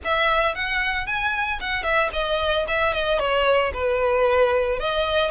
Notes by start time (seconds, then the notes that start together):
0.04 E5
0.54 F#5
1.06 G#5
1.60 F#5
1.83 E5
2.12 D#5
2.67 E5
2.93 D#5
3.19 C#5
3.73 B4
4.79 D#5